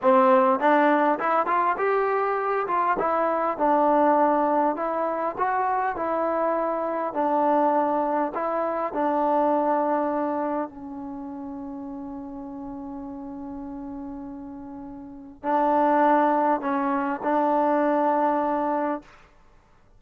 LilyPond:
\new Staff \with { instrumentName = "trombone" } { \time 4/4 \tempo 4 = 101 c'4 d'4 e'8 f'8 g'4~ | g'8 f'8 e'4 d'2 | e'4 fis'4 e'2 | d'2 e'4 d'4~ |
d'2 cis'2~ | cis'1~ | cis'2 d'2 | cis'4 d'2. | }